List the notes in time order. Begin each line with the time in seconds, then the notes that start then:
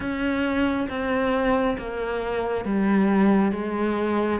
0.00 C#4
0.89 C4
1.78 A#3
2.65 G3
3.52 G#3